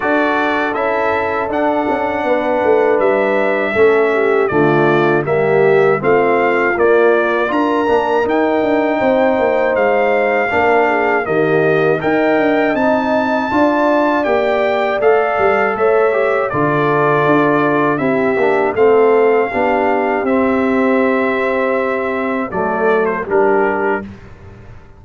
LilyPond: <<
  \new Staff \with { instrumentName = "trumpet" } { \time 4/4 \tempo 4 = 80 d''4 e''4 fis''2 | e''2 d''4 e''4 | f''4 d''4 ais''4 g''4~ | g''4 f''2 dis''4 |
g''4 a''2 g''4 | f''4 e''4 d''2 | e''4 f''2 e''4~ | e''2 d''8. c''16 ais'4 | }
  \new Staff \with { instrumentName = "horn" } { \time 4/4 a'2. b'4~ | b'4 a'8 g'8 f'4 g'4 | f'2 ais'2 | c''2 ais'8 gis'8 g'4 |
dis''2 d''2~ | d''4 cis''4 a'2 | g'4 a'4 g'2~ | g'2 a'4 g'4 | }
  \new Staff \with { instrumentName = "trombone" } { \time 4/4 fis'4 e'4 d'2~ | d'4 cis'4 a4 ais4 | c'4 ais4 f'8 d'8 dis'4~ | dis'2 d'4 ais4 |
ais'4 dis'4 f'4 g'4 | a'4. g'8 f'2 | e'8 d'8 c'4 d'4 c'4~ | c'2 a4 d'4 | }
  \new Staff \with { instrumentName = "tuba" } { \time 4/4 d'4 cis'4 d'8 cis'8 b8 a8 | g4 a4 d4 g4 | a4 ais4 d'8 ais8 dis'8 d'8 | c'8 ais8 gis4 ais4 dis4 |
dis'8 d'8 c'4 d'4 ais4 | a8 g8 a4 d4 d'4 | c'8 ais8 a4 b4 c'4~ | c'2 fis4 g4 | }
>>